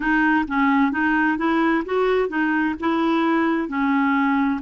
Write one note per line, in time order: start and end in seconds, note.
0.00 0.45 D#4
0.47 0.91 C#4
0.91 1.37 D#4
1.37 1.83 E4
1.85 2.28 F#4
2.28 2.74 D#4
2.79 3.68 E4
3.68 4.60 C#4